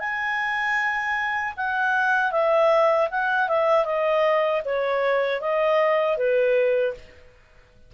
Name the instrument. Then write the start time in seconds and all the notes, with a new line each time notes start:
clarinet
0.00 G#5
1.57 F#5
2.31 E5
3.11 F#5
3.49 E5
3.85 D#5
4.65 C#5
5.41 D#5
6.17 B4